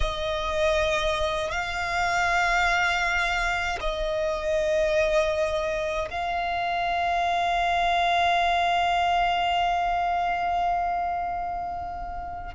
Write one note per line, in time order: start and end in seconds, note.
0.00 1.51 D#5
1.51 3.78 F5
3.80 6.08 D#5
6.10 12.54 F5